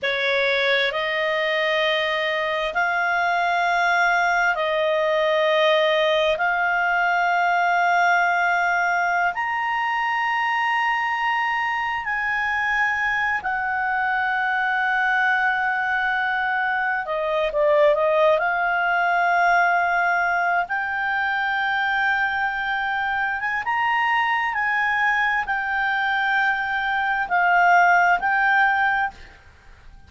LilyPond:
\new Staff \with { instrumentName = "clarinet" } { \time 4/4 \tempo 4 = 66 cis''4 dis''2 f''4~ | f''4 dis''2 f''4~ | f''2~ f''16 ais''4.~ ais''16~ | ais''4~ ais''16 gis''4. fis''4~ fis''16~ |
fis''2~ fis''8. dis''8 d''8 dis''16~ | dis''16 f''2~ f''8 g''4~ g''16~ | g''4.~ g''16 gis''16 ais''4 gis''4 | g''2 f''4 g''4 | }